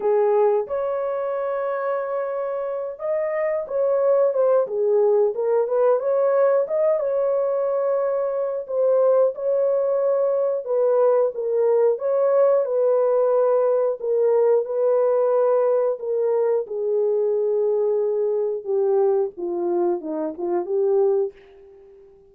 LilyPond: \new Staff \with { instrumentName = "horn" } { \time 4/4 \tempo 4 = 90 gis'4 cis''2.~ | cis''8 dis''4 cis''4 c''8 gis'4 | ais'8 b'8 cis''4 dis''8 cis''4.~ | cis''4 c''4 cis''2 |
b'4 ais'4 cis''4 b'4~ | b'4 ais'4 b'2 | ais'4 gis'2. | g'4 f'4 dis'8 f'8 g'4 | }